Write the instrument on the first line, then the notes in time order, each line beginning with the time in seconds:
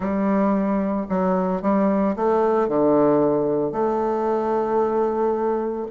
bassoon
0.00 G3
1.09 F#3
1.62 G3
2.16 A3
2.68 D3
3.72 A3